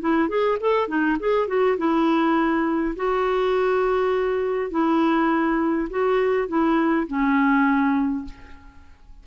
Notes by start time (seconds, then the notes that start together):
0.00 E4
0.28 G#4
0.60 A4
0.87 D#4
1.19 G#4
1.47 F#4
1.77 E4
2.95 F#4
4.70 E4
5.90 F#4
6.48 E4
7.07 C#4